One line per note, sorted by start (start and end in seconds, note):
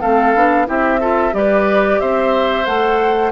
0.00 0.34 A3
0.00 0.35 C4
0.00 0.66 A4
0.00 0.66 F5
0.34 0.67 B3
0.34 0.66 D4
0.66 1.33 C4
0.66 0.99 E4
0.66 1.00 G4
0.66 1.34 E5
1.00 1.31 F4
1.00 1.33 A4
1.31 1.99 G3
1.31 2.63 G4
1.31 2.00 B4
1.31 2.00 D5
2.00 2.67 C4
2.00 3.32 C5
2.00 2.65 E5
2.65 3.32 A3
2.65 3.31 A4
2.65 3.31 F#5